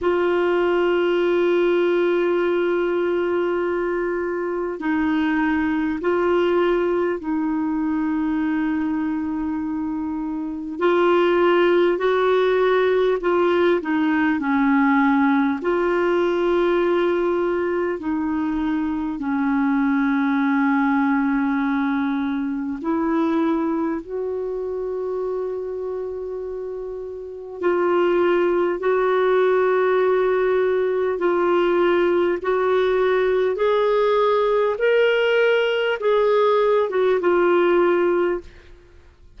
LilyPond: \new Staff \with { instrumentName = "clarinet" } { \time 4/4 \tempo 4 = 50 f'1 | dis'4 f'4 dis'2~ | dis'4 f'4 fis'4 f'8 dis'8 | cis'4 f'2 dis'4 |
cis'2. e'4 | fis'2. f'4 | fis'2 f'4 fis'4 | gis'4 ais'4 gis'8. fis'16 f'4 | }